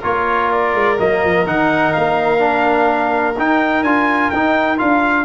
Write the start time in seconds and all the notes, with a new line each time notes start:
0.00 A#3 F4 A#4 C#5
0.51 D5
0.75 G#3
0.99 F#3 A#3 D#5
1.24 F3
1.47 D#3 D#4 F#5
1.93 A#3 F5
2.39 D4
3.38 D#4 G5
3.83 D4 F4 G#5
4.30 D#4 G5
4.78 D4 F4 F5